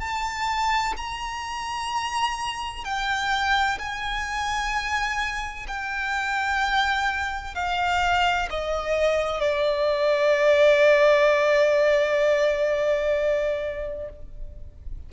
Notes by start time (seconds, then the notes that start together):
0.00 A5
0.97 A#5
2.84 G5
3.79 G#5
5.68 G5
7.55 F5
8.50 D#5
9.40 D5